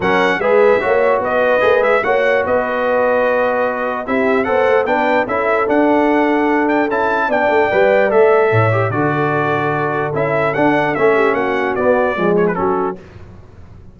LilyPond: <<
  \new Staff \with { instrumentName = "trumpet" } { \time 4/4 \tempo 4 = 148 fis''4 e''2 dis''4~ | dis''8 e''8 fis''4 dis''2~ | dis''2 e''4 fis''4 | g''4 e''4 fis''2~ |
fis''8 g''8 a''4 g''2 | e''2 d''2~ | d''4 e''4 fis''4 e''4 | fis''4 d''4. cis''16 b'16 a'4 | }
  \new Staff \with { instrumentName = "horn" } { \time 4/4 ais'4 b'4 cis''4 b'4~ | b'4 cis''4 b'2~ | b'2 g'4 c''4 | b'4 a'2.~ |
a'2 d''2~ | d''4 cis''4 a'2~ | a'2.~ a'8 g'8 | fis'2 gis'4 fis'4 | }
  \new Staff \with { instrumentName = "trombone" } { \time 4/4 cis'4 gis'4 fis'2 | gis'4 fis'2.~ | fis'2 e'4 a'4 | d'4 e'4 d'2~ |
d'4 e'4 d'4 b'4 | a'4. g'8 fis'2~ | fis'4 e'4 d'4 cis'4~ | cis'4 b4 gis4 cis'4 | }
  \new Staff \with { instrumentName = "tuba" } { \time 4/4 fis4 gis4 ais4 b4 | ais8 gis8 ais4 b2~ | b2 c'4 b8 a8 | b4 cis'4 d'2~ |
d'4 cis'4 b8 a8 g4 | a4 a,4 d2~ | d4 cis'4 d'4 a4 | ais4 b4 f4 fis4 | }
>>